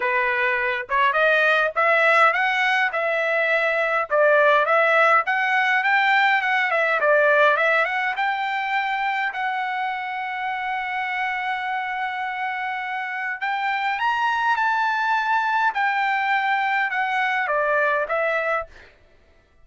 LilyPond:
\new Staff \with { instrumentName = "trumpet" } { \time 4/4 \tempo 4 = 103 b'4. cis''8 dis''4 e''4 | fis''4 e''2 d''4 | e''4 fis''4 g''4 fis''8 e''8 | d''4 e''8 fis''8 g''2 |
fis''1~ | fis''2. g''4 | ais''4 a''2 g''4~ | g''4 fis''4 d''4 e''4 | }